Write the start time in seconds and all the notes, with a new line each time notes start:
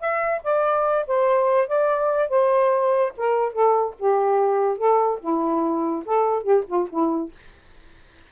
0.00 E5
0.43 D5
1.07 C5
1.68 D5
2.29 C5
3.17 A#4
3.52 A4
3.99 G4
4.78 A4
5.20 E4
6.05 A4
6.43 G4
6.67 F4
6.90 E4